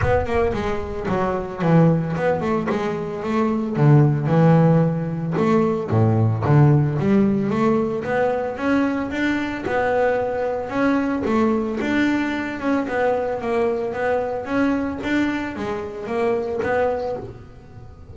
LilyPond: \new Staff \with { instrumentName = "double bass" } { \time 4/4 \tempo 4 = 112 b8 ais8 gis4 fis4 e4 | b8 a8 gis4 a4 d4 | e2 a4 a,4 | d4 g4 a4 b4 |
cis'4 d'4 b2 | cis'4 a4 d'4. cis'8 | b4 ais4 b4 cis'4 | d'4 gis4 ais4 b4 | }